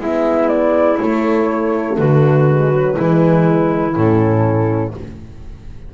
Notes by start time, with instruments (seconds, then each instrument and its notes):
0.00 double bass G#3, horn B3, clarinet E4, flute E5
0.48 flute D5
0.99 horn A3, double bass A3, flute C#5
1.98 double bass D3, clarinet F#4, flute B4
2.48 horn G#3
2.72 horn F#3
2.95 double bass E3, horn G#3, clarinet E4
3.94 double bass A2, horn C#4, flute A4